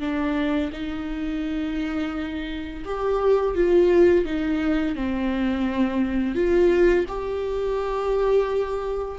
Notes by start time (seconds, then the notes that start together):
0.00 D4
0.73 D#4
2.85 G4
3.55 F4
4.25 D#4
4.95 C4
6.35 F4
7.08 G4